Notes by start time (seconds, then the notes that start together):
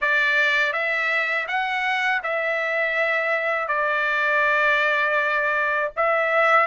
0.01 D5
0.72 E5
1.47 F#5
2.23 E5
3.68 D5
5.96 E5